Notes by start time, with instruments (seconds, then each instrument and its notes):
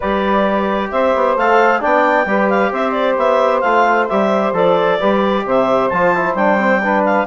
0.00 bassoon G3, trombone G4, saxophone B4, clarinet D5
0.91 bassoon C4, saxophone C5, clarinet E5
1.14 bassoon B3
1.35 bassoon A3, trombone A4, clarinet F5
1.80 bassoon B3, trombone D4, saxophone D5, clarinet G5
2.25 bassoon G3, trombone G4, saxophone B4
2.49 clarinet F5
2.71 bassoon C4, saxophone C5, clarinet E5
2.91 clarinet D5
3.17 bassoon B3, clarinet E5
3.60 bassoon A3, trombone F4, clarinet F5
4.08 bassoon G3, trombone G4, clarinet E5
4.52 bassoon F3, trombone A4, clarinet D5
4.98 bassoon G3, trombone G4, saxophone B4
5.45 bassoon C3, saxophone C5, clarinet E5
5.89 bassoon F3, trombone F4, clarinet A5
6.15 trombone E4
6.34 bassoon G3, trombone D4, clarinet G5
6.58 trombone C4
6.82 trombone D4, saxophone B4
7.04 clarinet F5